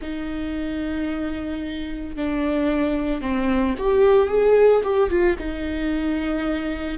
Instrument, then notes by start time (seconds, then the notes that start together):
viola
0.01 D#4
2.15 D4
3.21 C4
3.78 G4
4.28 G#4
4.83 G4
5.09 F4
5.38 D#4